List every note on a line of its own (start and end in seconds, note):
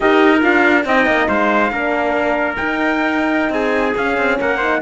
0.00 0.43 D#4
0.00 0.40 G4
0.00 0.86 A#4
0.00 0.42 D#5
0.41 0.85 D4
0.41 0.84 F4
0.41 0.86 F5
0.85 1.06 C4
0.85 1.71 D#4
0.85 1.28 D#5
0.85 1.28 G5
1.06 1.27 A#3
1.28 1.71 G#3
1.28 1.71 C5
1.28 2.56 F5
1.71 2.56 A#3
1.71 2.57 D4
1.71 3.54 A#4
2.56 3.97 D#4
2.56 3.49 D#4
2.56 3.52 G5
3.49 3.92 C4
3.49 4.40 G#4
3.49 3.95 G#5
3.97 4.17 C#4
3.97 4.60 C#4
3.97 4.40 F5
4.17 4.38 C4
4.40 4.81 A#3
4.40 4.57 A#4
4.40 4.81 F#5
4.57 4.81 D#4
4.57 4.78 C5